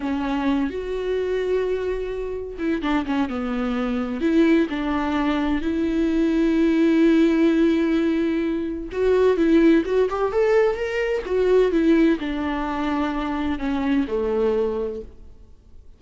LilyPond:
\new Staff \with { instrumentName = "viola" } { \time 4/4 \tempo 4 = 128 cis'4. fis'2~ fis'8~ | fis'4. e'8 d'8 cis'8 b4~ | b4 e'4 d'2 | e'1~ |
e'2. fis'4 | e'4 fis'8 g'8 a'4 ais'4 | fis'4 e'4 d'2~ | d'4 cis'4 a2 | }